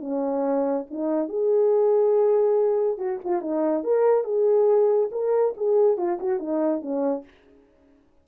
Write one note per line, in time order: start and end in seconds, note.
0.00 0.85 C#4
0.90 1.28 D#4
1.28 2.97 G#4
2.97 3.19 F#4
3.24 3.41 F4
3.41 3.83 D#4
3.84 4.24 A#4
4.24 5.09 G#4
5.11 5.54 A#4
5.57 5.97 G#4
5.97 6.18 F4
6.19 6.39 F#4
6.39 6.81 D#4
6.81 7.24 C#4